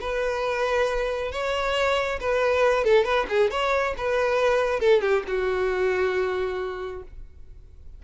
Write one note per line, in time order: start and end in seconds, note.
0.00 1.31 B4
1.32 2.19 C#5
2.20 2.84 B4
2.84 3.04 A4
3.04 3.26 B4
3.29 3.50 G#4
3.50 3.94 C#5
3.97 4.79 B4
4.79 5.01 A4
5.01 5.23 G4
5.27 7.02 F#4